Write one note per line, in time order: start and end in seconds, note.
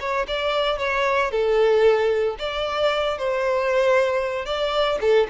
0.00 0.26 C#5
0.28 0.79 D5
0.79 1.31 C#5
1.31 2.37 A4
2.39 3.18 D5
3.18 4.46 C5
4.46 4.98 D5
5.01 5.28 A4